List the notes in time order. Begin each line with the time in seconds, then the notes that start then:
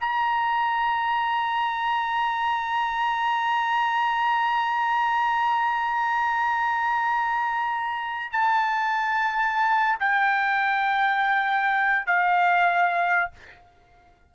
0.00 A#5
8.32 A5
9.99 G5
12.06 F5